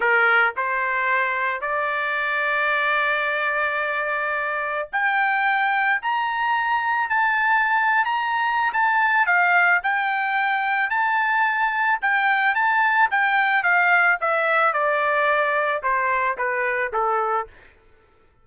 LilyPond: \new Staff \with { instrumentName = "trumpet" } { \time 4/4 \tempo 4 = 110 ais'4 c''2 d''4~ | d''1~ | d''4 g''2 ais''4~ | ais''4 a''4.~ a''16 ais''4~ ais''16 |
a''4 f''4 g''2 | a''2 g''4 a''4 | g''4 f''4 e''4 d''4~ | d''4 c''4 b'4 a'4 | }